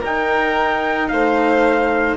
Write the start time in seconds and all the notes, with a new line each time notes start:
0.00 D#4 A#4 G5
1.08 A3 C5 F5